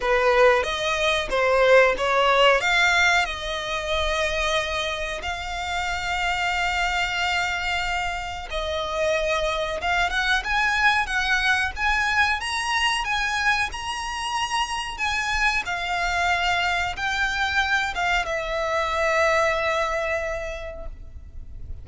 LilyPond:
\new Staff \with { instrumentName = "violin" } { \time 4/4 \tempo 4 = 92 b'4 dis''4 c''4 cis''4 | f''4 dis''2. | f''1~ | f''4 dis''2 f''8 fis''8 |
gis''4 fis''4 gis''4 ais''4 | gis''4 ais''2 gis''4 | f''2 g''4. f''8 | e''1 | }